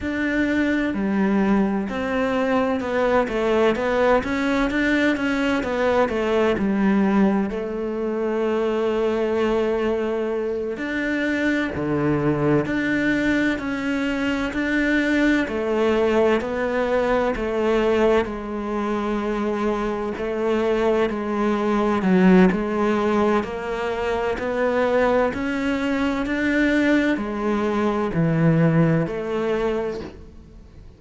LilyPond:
\new Staff \with { instrumentName = "cello" } { \time 4/4 \tempo 4 = 64 d'4 g4 c'4 b8 a8 | b8 cis'8 d'8 cis'8 b8 a8 g4 | a2.~ a8 d'8~ | d'8 d4 d'4 cis'4 d'8~ |
d'8 a4 b4 a4 gis8~ | gis4. a4 gis4 fis8 | gis4 ais4 b4 cis'4 | d'4 gis4 e4 a4 | }